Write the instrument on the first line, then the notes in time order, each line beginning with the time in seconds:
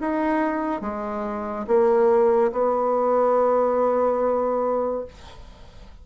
bassoon
0.00 D#4
0.81 G#3
1.67 A#3
2.52 B3